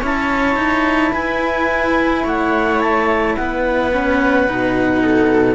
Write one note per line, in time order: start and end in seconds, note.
0.00 0.56 C#4
0.00 3.92 E4
0.00 1.11 C#5
0.00 1.14 A5
0.56 1.12 D#4
1.13 2.24 E4
1.13 2.24 B4
1.13 2.25 G#5
2.24 3.37 A3
2.24 3.35 C#5
2.24 2.81 F#5
2.81 3.36 A5
3.37 4.47 B3
3.37 5.02 B4
3.37 5.55 F#5
3.93 4.48 C#4
4.47 5.55 B2
4.47 5.55 D#4
5.02 5.55 A4